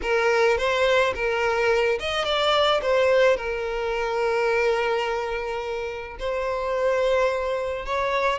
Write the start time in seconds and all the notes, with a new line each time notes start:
0.02 A#4
0.57 C5
1.14 A#4
1.99 D#5
2.24 D5
2.81 C5
3.36 A#4
6.19 C5
7.85 C#5